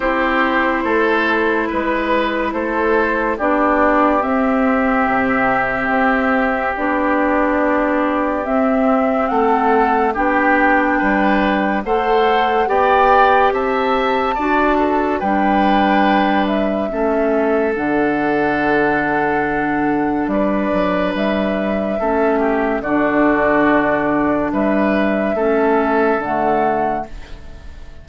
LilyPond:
<<
  \new Staff \with { instrumentName = "flute" } { \time 4/4 \tempo 4 = 71 c''2 b'4 c''4 | d''4 e''2. | d''2 e''4 fis''4 | g''2 fis''4 g''4 |
a''2 g''4. e''8~ | e''4 fis''2. | d''4 e''2 d''4~ | d''4 e''2 fis''4 | }
  \new Staff \with { instrumentName = "oboe" } { \time 4/4 g'4 a'4 b'4 a'4 | g'1~ | g'2. a'4 | g'4 b'4 c''4 d''4 |
e''4 d''8 a'8 b'2 | a'1 | b'2 a'8 g'8 fis'4~ | fis'4 b'4 a'2 | }
  \new Staff \with { instrumentName = "clarinet" } { \time 4/4 e'1 | d'4 c'2. | d'2 c'2 | d'2 a'4 g'4~ |
g'4 fis'4 d'2 | cis'4 d'2.~ | d'2 cis'4 d'4~ | d'2 cis'4 a4 | }
  \new Staff \with { instrumentName = "bassoon" } { \time 4/4 c'4 a4 gis4 a4 | b4 c'4 c4 c'4 | b2 c'4 a4 | b4 g4 a4 b4 |
c'4 d'4 g2 | a4 d2. | g8 fis8 g4 a4 d4~ | d4 g4 a4 d4 | }
>>